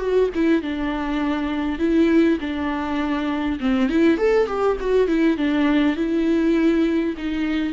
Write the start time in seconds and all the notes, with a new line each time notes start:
0.00 F#4
0.35 E4
0.62 D4
1.79 E4
2.40 D4
3.60 C4
3.89 E4
4.17 A4
4.47 G4
4.80 F#4
5.08 E4
5.37 D4
5.96 E4
7.17 D#4